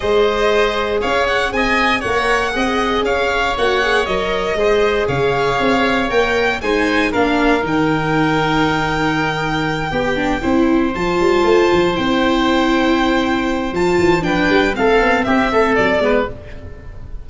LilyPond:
<<
  \new Staff \with { instrumentName = "violin" } { \time 4/4 \tempo 4 = 118 dis''2 f''8 fis''8 gis''4 | fis''2 f''4 fis''4 | dis''2 f''2 | g''4 gis''4 f''4 g''4~ |
g''1~ | g''4. a''2 g''8~ | g''2. a''4 | g''4 f''4 e''4 d''4 | }
  \new Staff \with { instrumentName = "oboe" } { \time 4/4 c''2 cis''4 dis''4 | cis''4 dis''4 cis''2~ | cis''4 c''4 cis''2~ | cis''4 c''4 ais'2~ |
ais'2.~ ais'8 g'8~ | g'8 c''2.~ c''8~ | c''1 | b'4 a'4 g'8 a'4 b'8 | }
  \new Staff \with { instrumentName = "viola" } { \time 4/4 gis'1 | ais'4 gis'2 fis'8 gis'8 | ais'4 gis'2. | ais'4 dis'4 d'4 dis'4~ |
dis'2.~ dis'8 g'8 | d'8 e'4 f'2 e'8~ | e'2. f'4 | d'4 c'2~ c'8 b8 | }
  \new Staff \with { instrumentName = "tuba" } { \time 4/4 gis2 cis'4 c'4 | ais4 c'4 cis'4 ais4 | fis4 gis4 cis4 c'4 | ais4 gis4 ais4 dis4~ |
dis2.~ dis8 b8~ | b8 c'4 f8 g8 a8 f8 c'8~ | c'2. f8 e8 | f8 g8 a8 b8 c'8 a8 fis8 gis8 | }
>>